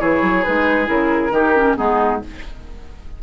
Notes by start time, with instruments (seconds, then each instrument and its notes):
0.00 bassoon E3, clarinet E4, oboe G#4, flute C#5
0.23 bassoon F#3
0.44 bassoon G#3, clarinet D#4, flute B4
0.85 bassoon C#3, clarinet E4, flute A#4
1.31 bassoon D#3, clarinet D#4, oboe G4
1.56 clarinet C#4
1.77 bassoon G#3, clarinet B3, oboe D#4, flute G#4